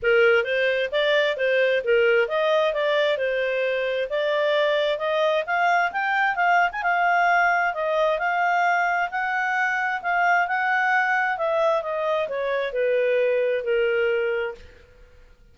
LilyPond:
\new Staff \with { instrumentName = "clarinet" } { \time 4/4 \tempo 4 = 132 ais'4 c''4 d''4 c''4 | ais'4 dis''4 d''4 c''4~ | c''4 d''2 dis''4 | f''4 g''4 f''8. gis''16 f''4~ |
f''4 dis''4 f''2 | fis''2 f''4 fis''4~ | fis''4 e''4 dis''4 cis''4 | b'2 ais'2 | }